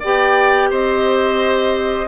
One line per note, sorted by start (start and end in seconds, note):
0.00 0.71 B3
0.00 2.08 G4
0.00 0.69 D5
0.00 0.72 G5
0.70 2.08 C4
0.70 2.08 C5
0.70 2.08 D#5